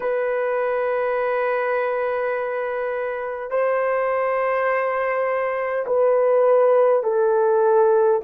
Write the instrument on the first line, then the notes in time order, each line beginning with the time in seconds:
horn
0.00 B4
3.50 C5
5.86 B4
7.03 A4